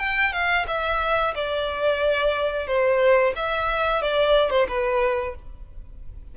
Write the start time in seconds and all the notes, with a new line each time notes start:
0.00 G5
0.33 F5
0.68 E5
1.35 D5
2.67 C5
3.36 E5
4.02 D5
4.50 C5
4.69 B4